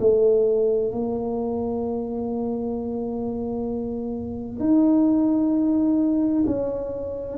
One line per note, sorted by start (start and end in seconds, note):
0.00 0.92 A3
0.92 4.60 A#3
4.60 6.44 D#4
6.47 7.38 C#4